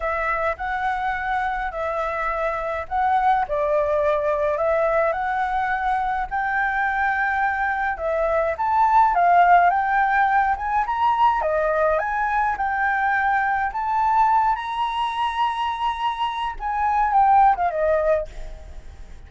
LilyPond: \new Staff \with { instrumentName = "flute" } { \time 4/4 \tempo 4 = 105 e''4 fis''2 e''4~ | e''4 fis''4 d''2 | e''4 fis''2 g''4~ | g''2 e''4 a''4 |
f''4 g''4. gis''8 ais''4 | dis''4 gis''4 g''2 | a''4. ais''2~ ais''8~ | ais''4 gis''4 g''8. f''16 dis''4 | }